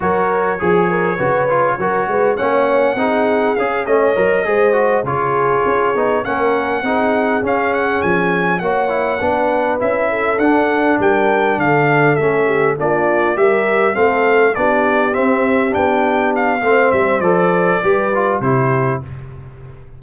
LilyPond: <<
  \new Staff \with { instrumentName = "trumpet" } { \time 4/4 \tempo 4 = 101 cis''1 | fis''2 f''8 dis''4.~ | dis''8 cis''2 fis''4.~ | fis''8 f''8 fis''8 gis''4 fis''4.~ |
fis''8 e''4 fis''4 g''4 f''8~ | f''8 e''4 d''4 e''4 f''8~ | f''8 d''4 e''4 g''4 f''8~ | f''8 e''8 d''2 c''4 | }
  \new Staff \with { instrumentName = "horn" } { \time 4/4 ais'4 gis'8 ais'8 b'4 ais'8 b'8 | cis''4 gis'4. cis''4 c''8~ | c''8 gis'2 ais'4 gis'8~ | gis'2~ gis'8 cis''4 b'8~ |
b'4 a'4. ais'4 a'8~ | a'4 g'8 f'4 ais'4 a'8~ | a'8 g'2.~ g'8 | c''2 b'4 g'4 | }
  \new Staff \with { instrumentName = "trombone" } { \time 4/4 fis'4 gis'4 fis'8 f'8 fis'4 | cis'4 dis'4 gis'8 cis'8 ais'8 gis'8 | fis'8 f'4. dis'8 cis'4 dis'8~ | dis'8 cis'2 fis'8 e'8 d'8~ |
d'8 e'4 d'2~ d'8~ | d'8 cis'4 d'4 g'4 c'8~ | c'8 d'4 c'4 d'4. | c'4 a'4 g'8 f'8 e'4 | }
  \new Staff \with { instrumentName = "tuba" } { \time 4/4 fis4 f4 cis4 fis8 gis8 | ais4 c'4 cis'8 a8 fis8 gis8~ | gis8 cis4 cis'8 b8 ais4 c'8~ | c'8 cis'4 f4 ais4 b8~ |
b8 cis'4 d'4 g4 d8~ | d8 a4 ais4 g4 a8~ | a8 b4 c'4 b4. | a8 g8 f4 g4 c4 | }
>>